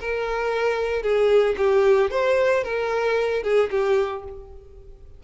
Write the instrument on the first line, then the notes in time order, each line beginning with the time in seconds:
violin
0.00 A#4
1.02 G#4
1.57 G4
2.10 C5
2.64 A#4
3.43 G#4
3.70 G4